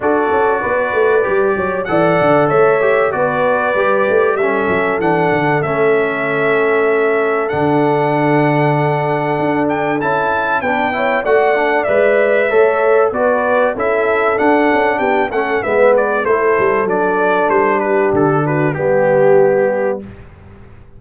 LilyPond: <<
  \new Staff \with { instrumentName = "trumpet" } { \time 4/4 \tempo 4 = 96 d''2. fis''4 | e''4 d''2 e''4 | fis''4 e''2. | fis''2.~ fis''8 g''8 |
a''4 g''4 fis''4 e''4~ | e''4 d''4 e''4 fis''4 | g''8 fis''8 e''8 d''8 c''4 d''4 | c''8 b'8 a'8 b'8 g'2 | }
  \new Staff \with { instrumentName = "horn" } { \time 4/4 a'4 b'4. cis''8 d''4 | cis''4 b'2 a'4~ | a'1~ | a'1~ |
a'4 b'8 cis''8 d''2 | cis''4 b'4 a'2 | g'8 a'8 b'4 a'2~ | a'8 g'4 fis'8 g'2 | }
  \new Staff \with { instrumentName = "trombone" } { \time 4/4 fis'2 g'4 a'4~ | a'8 g'8 fis'4 g'4 cis'4 | d'4 cis'2. | d'1 |
e'4 d'8 e'8 fis'8 d'8 b'4 | a'4 fis'4 e'4 d'4~ | d'8 cis'8 b4 e'4 d'4~ | d'2 b2 | }
  \new Staff \with { instrumentName = "tuba" } { \time 4/4 d'8 cis'8 b8 a8 g8 fis8 e8 d8 | a4 b4 g8 a8 g8 fis8 | e8 d8 a2. | d2. d'4 |
cis'4 b4 a4 gis4 | a4 b4 cis'4 d'8 cis'8 | b8 a8 gis4 a8 g8 fis4 | g4 d4 g2 | }
>>